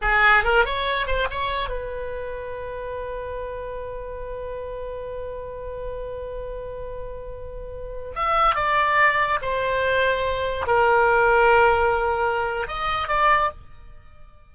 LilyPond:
\new Staff \with { instrumentName = "oboe" } { \time 4/4 \tempo 4 = 142 gis'4 ais'8 cis''4 c''8 cis''4 | b'1~ | b'1~ | b'1~ |
b'2.~ b'16 e''8.~ | e''16 d''2 c''4.~ c''16~ | c''4~ c''16 ais'2~ ais'8.~ | ais'2 dis''4 d''4 | }